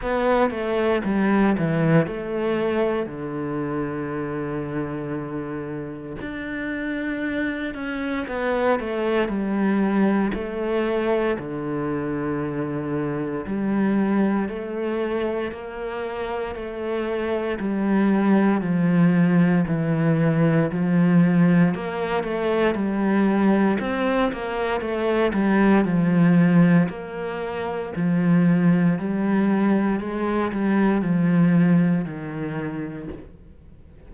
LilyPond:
\new Staff \with { instrumentName = "cello" } { \time 4/4 \tempo 4 = 58 b8 a8 g8 e8 a4 d4~ | d2 d'4. cis'8 | b8 a8 g4 a4 d4~ | d4 g4 a4 ais4 |
a4 g4 f4 e4 | f4 ais8 a8 g4 c'8 ais8 | a8 g8 f4 ais4 f4 | g4 gis8 g8 f4 dis4 | }